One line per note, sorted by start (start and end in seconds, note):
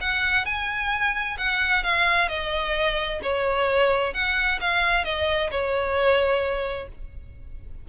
0.00 0.45 F#5
0.45 1.37 G#5
1.37 1.83 F#5
1.83 2.28 F5
2.28 3.20 D#5
3.22 4.13 C#5
4.13 4.59 F#5
4.60 5.04 F5
5.04 5.50 D#5
5.51 6.88 C#5